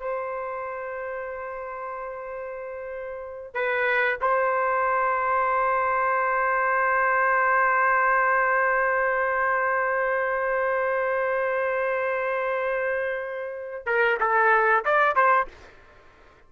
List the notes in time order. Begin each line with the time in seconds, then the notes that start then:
0.00 C5
3.54 B4
4.22 C5
13.86 A#4
14.20 A4
14.85 D5
15.16 C5